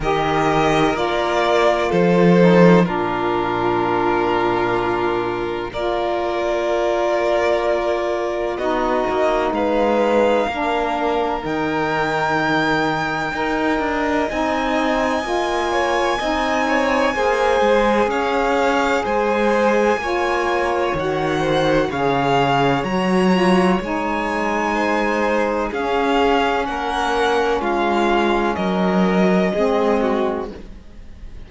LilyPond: <<
  \new Staff \with { instrumentName = "violin" } { \time 4/4 \tempo 4 = 63 dis''4 d''4 c''4 ais'4~ | ais'2 d''2~ | d''4 dis''4 f''2 | g''2. gis''4~ |
gis''2. f''4 | gis''2 fis''4 f''4 | ais''4 gis''2 f''4 | fis''4 f''4 dis''2 | }
  \new Staff \with { instrumentName = "violin" } { \time 4/4 ais'2 a'4 f'4~ | f'2 ais'2~ | ais'4 fis'4 b'4 ais'4~ | ais'2 dis''2~ |
dis''8 cis''8 dis''8 cis''8 c''4 cis''4 | c''4 cis''4. c''8 cis''4~ | cis''2 c''4 gis'4 | ais'4 f'4 ais'4 gis'8 fis'8 | }
  \new Staff \with { instrumentName = "saxophone" } { \time 4/4 g'4 f'4. dis'8 d'4~ | d'2 f'2~ | f'4 dis'2 d'4 | dis'2 ais'4 dis'4 |
f'4 dis'4 gis'2~ | gis'4 f'4 fis'4 gis'4 | fis'8 f'8 dis'2 cis'4~ | cis'2. c'4 | }
  \new Staff \with { instrumentName = "cello" } { \time 4/4 dis4 ais4 f4 ais,4~ | ais,2 ais2~ | ais4 b8 ais8 gis4 ais4 | dis2 dis'8 d'8 c'4 |
ais4 c'4 ais8 gis8 cis'4 | gis4 ais4 dis4 cis4 | fis4 gis2 cis'4 | ais4 gis4 fis4 gis4 | }
>>